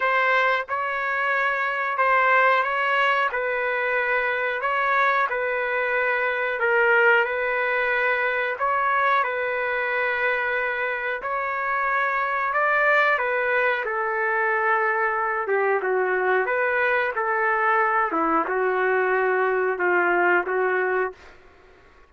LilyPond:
\new Staff \with { instrumentName = "trumpet" } { \time 4/4 \tempo 4 = 91 c''4 cis''2 c''4 | cis''4 b'2 cis''4 | b'2 ais'4 b'4~ | b'4 cis''4 b'2~ |
b'4 cis''2 d''4 | b'4 a'2~ a'8 g'8 | fis'4 b'4 a'4. e'8 | fis'2 f'4 fis'4 | }